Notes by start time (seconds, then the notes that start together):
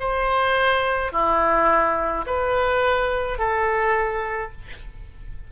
0.00 C5
1.12 E4
2.26 B4
3.38 A4